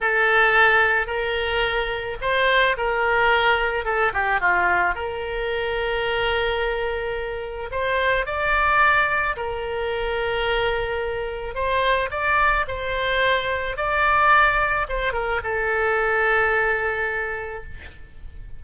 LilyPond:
\new Staff \with { instrumentName = "oboe" } { \time 4/4 \tempo 4 = 109 a'2 ais'2 | c''4 ais'2 a'8 g'8 | f'4 ais'2.~ | ais'2 c''4 d''4~ |
d''4 ais'2.~ | ais'4 c''4 d''4 c''4~ | c''4 d''2 c''8 ais'8 | a'1 | }